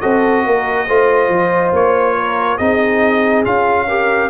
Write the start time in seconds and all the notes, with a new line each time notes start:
0.00 C4 F#4 A4 D#5
0.46 A#3 A#4
0.87 A3 F4 C5
1.28 F3
1.72 A#3 C#5
2.15 A#4
2.57 C4 D#4 G#4 D#5
3.45 C#4 F4 F5
3.87 G4 A#4